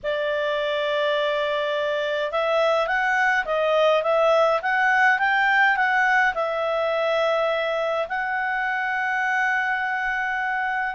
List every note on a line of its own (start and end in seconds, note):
0.03 2.31 D5
2.31 2.87 E5
2.87 3.45 F#5
3.45 4.03 D#5
4.03 4.60 E5
4.62 5.18 F#5
5.18 5.76 G5
5.76 6.34 F#5
6.34 8.07 E5
8.08 10.95 F#5